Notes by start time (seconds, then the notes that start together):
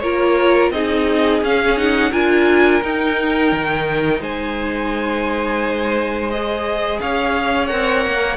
0.00 A#3 F4 A#4 C#5
0.71 C4 D#4 G#4 D#5
1.43 C#4 F5
1.77 D#4 F#5
2.11 D4 F4 A#4 G#5
2.83 D#4 G5
3.52 D#3
4.21 G#3 C5 G#5
6.31 G#4 D#5
7.01 C#4 C#5 F5
7.67 C4 A#4 F#5
8.07 A#3